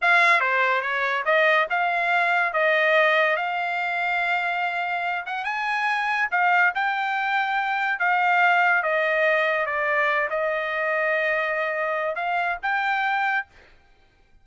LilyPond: \new Staff \with { instrumentName = "trumpet" } { \time 4/4 \tempo 4 = 143 f''4 c''4 cis''4 dis''4 | f''2 dis''2 | f''1~ | f''8 fis''8 gis''2 f''4 |
g''2. f''4~ | f''4 dis''2 d''4~ | d''8 dis''2.~ dis''8~ | dis''4 f''4 g''2 | }